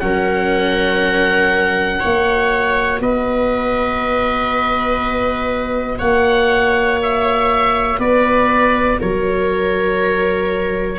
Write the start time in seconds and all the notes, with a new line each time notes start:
0.00 F#3 C#4 A#4 F#5
2.00 A#3 F#4 C#5
3.00 B3 B4 D#5
5.99 A#3 C#5 F#5
7.03 E5
7.99 B3 B4 D5
9.00 F#3 A#4 C#5